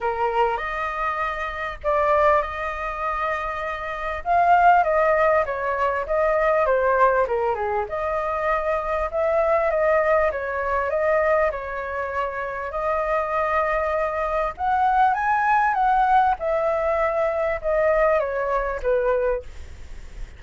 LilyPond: \new Staff \with { instrumentName = "flute" } { \time 4/4 \tempo 4 = 99 ais'4 dis''2 d''4 | dis''2. f''4 | dis''4 cis''4 dis''4 c''4 | ais'8 gis'8 dis''2 e''4 |
dis''4 cis''4 dis''4 cis''4~ | cis''4 dis''2. | fis''4 gis''4 fis''4 e''4~ | e''4 dis''4 cis''4 b'4 | }